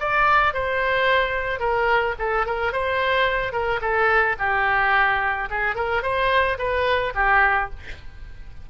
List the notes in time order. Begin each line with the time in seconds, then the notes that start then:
0.00 D5
0.54 C5
1.60 A#4
2.19 A4
2.46 A#4
2.72 C5
3.53 A#4
3.81 A4
4.39 G4
5.50 G#4
5.75 A#4
6.03 C5
6.58 B4
7.15 G4